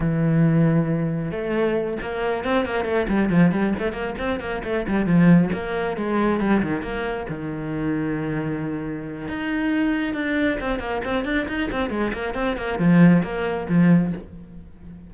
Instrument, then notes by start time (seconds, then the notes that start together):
cello
0.00 E3
1.31 A3
2.01 A#3
2.44 C4
2.65 A#3
2.84 A3
3.08 G3
3.29 F3
3.51 G3
3.78 A3
3.92 A#3
4.18 C4
4.40 A#3
4.64 A3
4.87 G3
5.06 F3
5.53 A#3
5.97 G#3
6.40 G3
6.62 D#3
6.82 A#3
7.29 D#3
9.27 D#4
10.14 D4
10.60 C4
10.79 A#3
11.04 C4
11.24 D4
11.48 D#4
11.71 C4
11.89 G#3
12.13 A#3
12.34 C4
12.56 A#3
12.79 F3
13.22 A#3
13.68 F3